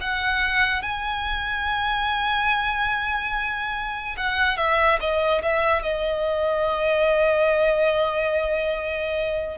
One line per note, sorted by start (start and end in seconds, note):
0.00 0.82 F#5
0.82 4.15 G#5
4.17 4.57 F#5
4.57 4.98 E5
5.00 5.41 D#5
5.42 5.82 E5
5.82 9.57 D#5